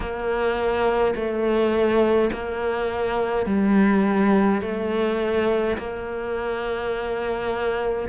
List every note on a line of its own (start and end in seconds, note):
0.00 1.14 A#3
1.15 2.30 A3
2.32 3.46 A#3
3.46 4.61 G3
4.62 5.77 A3
5.77 8.08 A#3